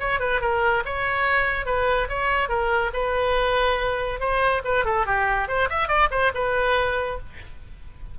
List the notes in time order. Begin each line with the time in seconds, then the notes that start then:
0.00 C#5
0.20 B4
0.41 A#4
0.85 C#5
1.66 B4
2.09 C#5
2.49 A#4
2.93 B4
4.20 C5
4.64 B4
4.85 A4
5.06 G4
5.48 C5
5.69 E5
5.88 D5
6.11 C5
6.34 B4